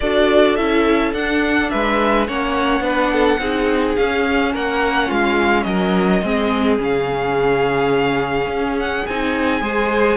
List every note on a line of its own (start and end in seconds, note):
0.00 0.58 D4
0.00 0.57 F#4
0.00 1.71 A4
0.00 0.55 D5
0.55 1.13 C#4
0.55 1.14 E4
0.55 1.12 E5
1.13 1.69 D4
1.13 2.28 D4
1.13 1.70 F#5
1.70 2.28 G#3
1.70 2.27 B4
1.70 2.26 E5
2.27 2.80 A#3
2.27 2.81 C#4
2.27 2.83 C#5
2.27 3.95 F#5
2.80 3.37 B3
2.80 3.38 D4
2.80 3.11 B4
3.12 3.40 A4
3.38 3.95 C4
3.38 3.96 D#4
3.38 4.52 G#4
3.95 6.23 C#4
3.95 4.55 C#4
3.95 4.52 F5
4.52 5.10 A#3
4.52 5.07 A#4
4.52 5.11 F#5
5.07 5.65 G#3
5.07 5.64 F4
5.07 5.63 F5
5.63 6.21 F#3
5.63 6.22 A#4
5.63 6.76 D#5
6.22 6.79 G#3
6.22 6.78 C4
6.22 9.61 G#4
6.78 8.47 C#3
6.78 9.04 C#4
6.78 8.79 F5
8.47 9.03 C#4
8.79 9.06 F#5
9.06 9.61 C4
9.06 9.61 D#4
9.06 10.16 G#5
9.61 10.16 G#3
9.61 10.16 G#4
9.61 10.16 C5